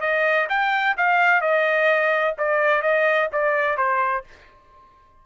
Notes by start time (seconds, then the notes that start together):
0.00 D#5
0.49 G5
0.97 F5
1.41 D#5
2.38 D5
2.82 D#5
3.32 D5
3.77 C5